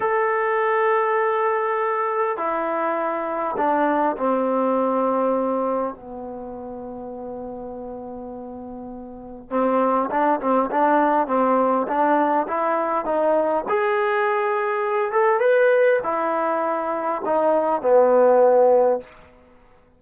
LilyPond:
\new Staff \with { instrumentName = "trombone" } { \time 4/4 \tempo 4 = 101 a'1 | e'2 d'4 c'4~ | c'2 b2~ | b1 |
c'4 d'8 c'8 d'4 c'4 | d'4 e'4 dis'4 gis'4~ | gis'4. a'8 b'4 e'4~ | e'4 dis'4 b2 | }